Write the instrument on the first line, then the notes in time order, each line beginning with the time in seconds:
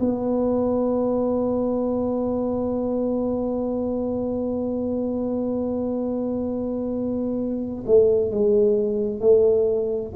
tuba
0.00 B3
7.87 A3
8.31 G#3
9.21 A3